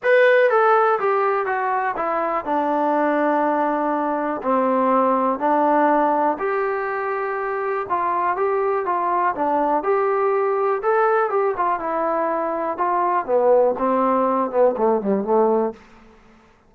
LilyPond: \new Staff \with { instrumentName = "trombone" } { \time 4/4 \tempo 4 = 122 b'4 a'4 g'4 fis'4 | e'4 d'2.~ | d'4 c'2 d'4~ | d'4 g'2. |
f'4 g'4 f'4 d'4 | g'2 a'4 g'8 f'8 | e'2 f'4 b4 | c'4. b8 a8 g8 a4 | }